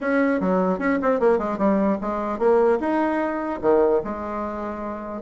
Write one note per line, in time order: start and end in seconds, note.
0.01 0.40 C#4
0.40 0.78 F#3
0.78 0.98 C#4
1.01 1.20 C4
1.20 1.38 A#3
1.38 1.58 G#3
1.58 1.98 G3
2.01 2.39 G#3
2.39 2.79 A#3
2.80 3.60 D#4
3.61 4.01 D#3
4.03 5.21 G#3